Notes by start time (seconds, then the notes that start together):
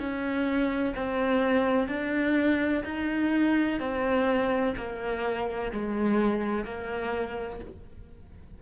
0.00 C#4
0.96 C4
1.88 D4
2.85 D#4
3.81 C4
4.77 A#3
5.72 G#3
6.65 A#3